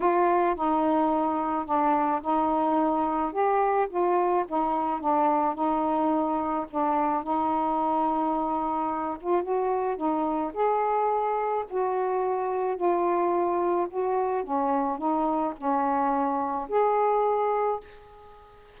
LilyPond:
\new Staff \with { instrumentName = "saxophone" } { \time 4/4 \tempo 4 = 108 f'4 dis'2 d'4 | dis'2 g'4 f'4 | dis'4 d'4 dis'2 | d'4 dis'2.~ |
dis'8 f'8 fis'4 dis'4 gis'4~ | gis'4 fis'2 f'4~ | f'4 fis'4 cis'4 dis'4 | cis'2 gis'2 | }